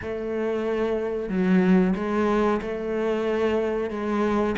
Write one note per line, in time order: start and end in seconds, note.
0.02 1.29 A3
1.29 1.94 F#3
1.95 2.60 G#3
2.61 3.90 A3
3.90 4.55 G#3